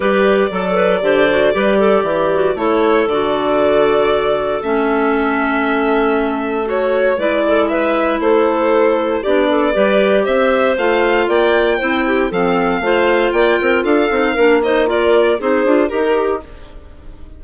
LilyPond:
<<
  \new Staff \with { instrumentName = "violin" } { \time 4/4 \tempo 4 = 117 d''1~ | d''4 cis''4 d''2~ | d''4 e''2.~ | e''4 cis''4 d''4 e''4 |
c''2 d''2 | e''4 f''4 g''2 | f''2 g''4 f''4~ | f''8 dis''8 d''4 c''4 ais'4 | }
  \new Staff \with { instrumentName = "clarinet" } { \time 4/4 b'4 a'8 b'8 c''4 b'8 a'8 | g'4 a'2.~ | a'1~ | a'2 b'8 a'8 b'4 |
a'2 g'8 a'8 b'4 | c''2 d''4 c''8 g'8 | a'4 c''4 d''8 ais'8 a'4 | ais'8 c''8 ais'4 gis'4 g'4 | }
  \new Staff \with { instrumentName = "clarinet" } { \time 4/4 g'4 a'4 g'8 fis'8 g'4~ | g'8 fis'8 e'4 fis'2~ | fis'4 cis'2.~ | cis'4 fis'4 e'2~ |
e'2 d'4 g'4~ | g'4 f'2 e'4 | c'4 f'2~ f'8 dis'8 | d'8 dis'8 f'4 dis'8 f'8 g'4 | }
  \new Staff \with { instrumentName = "bassoon" } { \time 4/4 g4 fis4 d4 g4 | e4 a4 d2~ | d4 a2.~ | a2 gis2 |
a2 b4 g4 | c'4 a4 ais4 c'4 | f4 a4 ais8 c'8 d'8 c'8 | ais2 c'8 d'8 dis'4 | }
>>